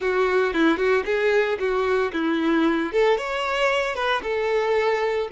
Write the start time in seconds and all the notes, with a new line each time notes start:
0.00 F#4
0.53 E4
0.77 F#4
1.05 G#4
1.59 F#4
2.12 E4
2.92 A4
3.17 C#5
3.95 B4
4.22 A4